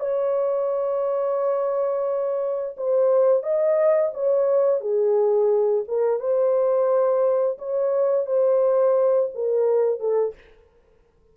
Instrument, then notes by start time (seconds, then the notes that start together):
horn
0.00 C#5
2.77 C5
3.43 D#5
4.14 C#5
4.81 G#4
5.88 A#4
6.20 C5
7.58 C#5
8.27 C5
9.35 A#4
10.00 A4